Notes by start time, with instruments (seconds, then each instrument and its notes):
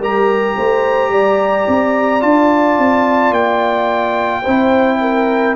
0.00 tuba G3, trombone G4, horn A#4, trumpet A#5
0.57 tuba A3, horn C5
1.09 tuba G3, horn D5
1.68 tuba C4
2.21 tuba D4, trombone F4, trumpet A5
2.78 tuba C4
3.31 tuba A#3, trumpet G5
4.42 tuba C4, trombone E4, horn C5
5.01 horn A#4